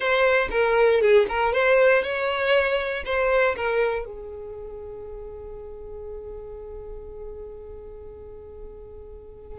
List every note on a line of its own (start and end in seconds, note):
0.00 0.48 C5
0.50 1.01 A#4
1.01 1.26 G#4
1.28 1.53 A#4
1.53 2.02 C5
2.02 3.03 C#5
3.05 3.55 C5
3.55 4.05 A#4
4.05 9.59 G#4